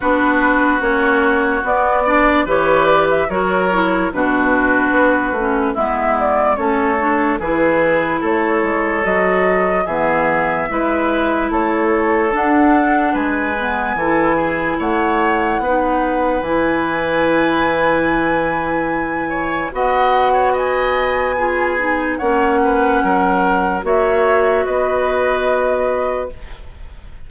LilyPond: <<
  \new Staff \with { instrumentName = "flute" } { \time 4/4 \tempo 4 = 73 b'4 cis''4 d''4 cis''8 d''16 e''16 | cis''4 b'2 e''8 d''8 | cis''4 b'4 cis''4 dis''4 | e''2 cis''4 fis''4 |
gis''2 fis''2 | gis''1 | fis''4 gis''2 fis''4~ | fis''4 e''4 dis''2 | }
  \new Staff \with { instrumentName = "oboe" } { \time 4/4 fis'2~ fis'8 d''8 b'4 | ais'4 fis'2 e'4 | a'4 gis'4 a'2 | gis'4 b'4 a'2 |
b'4 a'8 gis'8 cis''4 b'4~ | b'2.~ b'8 cis''8 | dis''8. cis''16 dis''4 gis'4 cis''8 b'8 | ais'4 cis''4 b'2 | }
  \new Staff \with { instrumentName = "clarinet" } { \time 4/4 d'4 cis'4 b8 d'8 g'4 | fis'8 e'8 d'4. cis'8 b4 | cis'8 d'8 e'2 fis'4 | b4 e'2 d'4~ |
d'8 b8 e'2 dis'4 | e'1 | fis'2 f'8 dis'8 cis'4~ | cis'4 fis'2. | }
  \new Staff \with { instrumentName = "bassoon" } { \time 4/4 b4 ais4 b4 e4 | fis4 b,4 b8 a8 gis4 | a4 e4 a8 gis8 fis4 | e4 gis4 a4 d'4 |
gis4 e4 a4 b4 | e1 | b2. ais4 | fis4 ais4 b2 | }
>>